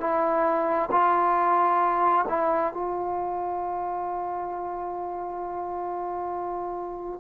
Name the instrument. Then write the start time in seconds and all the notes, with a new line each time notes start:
trombone
0.00 E4
0.91 F4
2.28 E4
2.73 F4